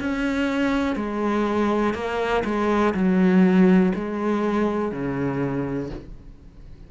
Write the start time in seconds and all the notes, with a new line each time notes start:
0.00 C#4
0.96 G#3
1.94 A#3
2.45 G#3
2.95 F#3
3.95 G#3
4.92 C#3